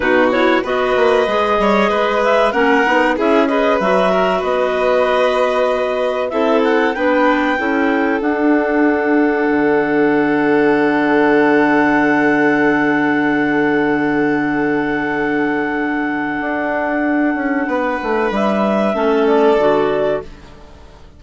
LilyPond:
<<
  \new Staff \with { instrumentName = "clarinet" } { \time 4/4 \tempo 4 = 95 b'8 cis''8 dis''2~ dis''8 e''8 | fis''4 e''8 dis''8 e''4 dis''4~ | dis''2 e''8 fis''8 g''4~ | g''4 fis''2.~ |
fis''1~ | fis''1~ | fis''1~ | fis''4 e''4. d''4. | }
  \new Staff \with { instrumentName = "violin" } { \time 4/4 fis'4 b'4. cis''8 b'4 | ais'4 gis'8 b'4 ais'8 b'4~ | b'2 a'4 b'4 | a'1~ |
a'1~ | a'1~ | a'1 | b'2 a'2 | }
  \new Staff \with { instrumentName = "clarinet" } { \time 4/4 dis'8 e'8 fis'4 gis'2 | cis'8 dis'8 e'8 gis'8 fis'2~ | fis'2 e'4 d'4 | e'4 d'2.~ |
d'1~ | d'1~ | d'1~ | d'2 cis'4 fis'4 | }
  \new Staff \with { instrumentName = "bassoon" } { \time 4/4 b,4 b8 ais8 gis8 g8 gis4 | ais8 b8 cis'4 fis4 b4~ | b2 c'4 b4 | cis'4 d'2 d4~ |
d1~ | d1~ | d2 d'4. cis'8 | b8 a8 g4 a4 d4 | }
>>